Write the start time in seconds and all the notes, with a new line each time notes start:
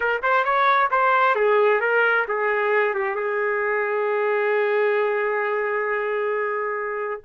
0.00 A#4
0.22 C5
0.44 C#5
0.90 C5
1.35 G#4
1.80 A#4
2.28 G#4
2.94 G4
3.15 G#4